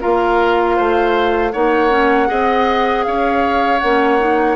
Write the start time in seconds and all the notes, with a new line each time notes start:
0.00 A#3 F4 A#4 F5
0.76 A3 C5
1.52 A#3 D#4 C#5 F#5
1.90 C#4
2.27 C4 G#4 D#5
3.04 C#4 C#5 F5
3.79 A#3 C#4 F#5
4.20 D#4